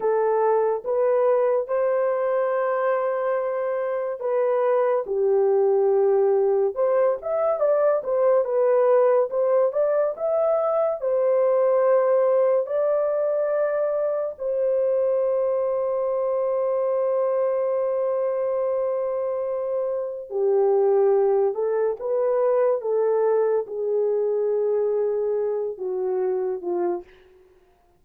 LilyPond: \new Staff \with { instrumentName = "horn" } { \time 4/4 \tempo 4 = 71 a'4 b'4 c''2~ | c''4 b'4 g'2 | c''8 e''8 d''8 c''8 b'4 c''8 d''8 | e''4 c''2 d''4~ |
d''4 c''2.~ | c''1 | g'4. a'8 b'4 a'4 | gis'2~ gis'8 fis'4 f'8 | }